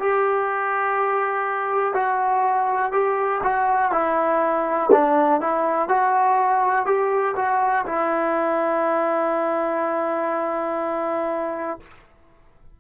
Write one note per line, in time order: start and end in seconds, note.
0.00 1.94 G4
1.94 2.92 F#4
2.92 3.42 G4
3.43 3.92 F#4
3.92 4.90 E4
4.92 5.41 D4
5.41 5.89 E4
5.89 6.86 F#4
6.86 7.35 G4
7.36 7.86 F#4
7.86 11.79 E4